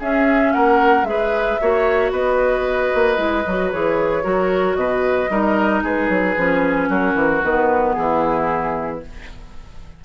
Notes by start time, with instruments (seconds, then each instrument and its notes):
0.00 bassoon C#4, clarinet C#4, oboe G#4, flute E5
0.53 bassoon A#3, oboe A#4, flute F#5
1.04 bassoon G#3, clarinet G#4, flute E5
1.10 oboe B4
1.61 bassoon A#3, clarinet F#4, oboe C#5
2.12 bassoon B3, oboe B4, flute D#5
2.95 bassoon A#3
3.17 bassoon G#3, clarinet E4
3.47 bassoon F#3, clarinet F#4
3.72 bassoon E3, clarinet G#4, flute C#5
4.23 bassoon F#3, clarinet F#4, oboe A#4
4.75 bassoon B2, oboe B4, flute D#5
5.30 bassoon G3, clarinet D#4, oboe A#4
5.83 bassoon G#3, oboe G#4, flute B4
6.10 bassoon F#3
6.37 bassoon F3, clarinet C#4
6.89 bassoon F#3, oboe F#4, flute A#4
7.15 bassoon E3
7.43 bassoon D#3, clarinet B3, flute B4
7.94 bassoon E3, oboe E4, flute G#4